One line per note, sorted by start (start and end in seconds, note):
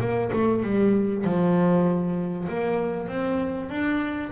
0.00 0.31 A#3
0.32 0.63 A3
0.63 1.24 G3
1.24 2.48 F3
2.49 3.08 A#3
3.08 3.69 C4
3.69 4.31 D4